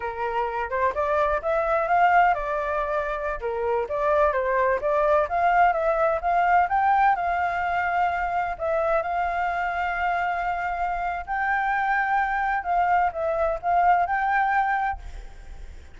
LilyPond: \new Staff \with { instrumentName = "flute" } { \time 4/4 \tempo 4 = 128 ais'4. c''8 d''4 e''4 | f''4 d''2~ d''16 ais'8.~ | ais'16 d''4 c''4 d''4 f''8.~ | f''16 e''4 f''4 g''4 f''8.~ |
f''2~ f''16 e''4 f''8.~ | f''1 | g''2. f''4 | e''4 f''4 g''2 | }